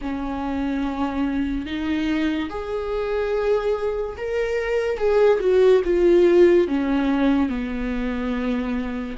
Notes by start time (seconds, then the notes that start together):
0.01 C#4
1.66 D#4
2.49 G#4
4.17 A#4
4.97 G#4
5.40 F#4
5.84 F4
6.67 C#4
7.49 B3